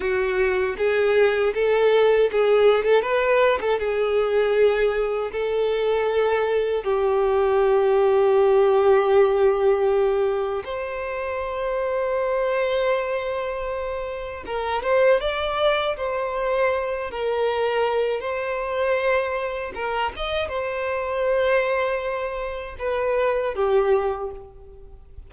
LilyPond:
\new Staff \with { instrumentName = "violin" } { \time 4/4 \tempo 4 = 79 fis'4 gis'4 a'4 gis'8. a'16 | b'8. a'16 gis'2 a'4~ | a'4 g'2.~ | g'2 c''2~ |
c''2. ais'8 c''8 | d''4 c''4. ais'4. | c''2 ais'8 dis''8 c''4~ | c''2 b'4 g'4 | }